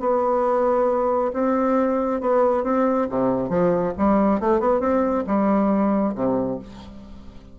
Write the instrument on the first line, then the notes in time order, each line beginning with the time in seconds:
bassoon
0.00 B3
1.33 C4
2.21 B3
2.64 C4
3.09 C3
3.49 F3
3.97 G3
4.40 A3
4.60 B3
4.80 C4
5.27 G3
6.15 C3